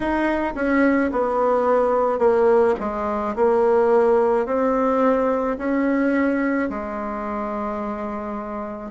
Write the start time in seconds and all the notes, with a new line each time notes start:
0.00 D#4
0.55 C#4
1.11 B3
2.19 A#3
2.79 G#3
3.35 A#3
4.45 C4
5.58 C#4
6.69 G#3